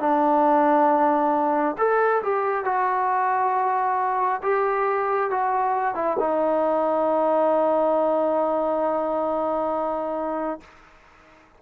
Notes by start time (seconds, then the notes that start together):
0.00 D4
1.78 A4
2.23 G4
2.66 F#4
4.43 G4
5.31 F#4
5.95 E4
6.20 D#4